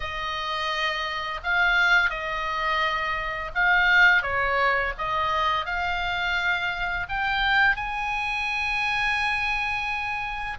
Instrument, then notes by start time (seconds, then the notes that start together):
oboe
0.00 D#5
1.43 F5
2.10 D#5
3.54 F5
4.22 C#5
4.98 D#5
5.65 F5
7.08 G5
7.76 G#5